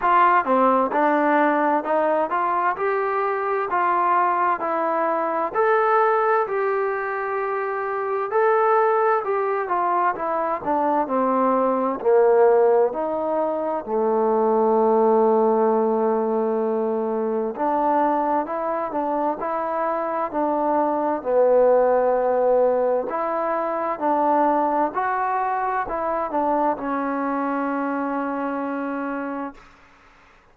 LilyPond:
\new Staff \with { instrumentName = "trombone" } { \time 4/4 \tempo 4 = 65 f'8 c'8 d'4 dis'8 f'8 g'4 | f'4 e'4 a'4 g'4~ | g'4 a'4 g'8 f'8 e'8 d'8 | c'4 ais4 dis'4 a4~ |
a2. d'4 | e'8 d'8 e'4 d'4 b4~ | b4 e'4 d'4 fis'4 | e'8 d'8 cis'2. | }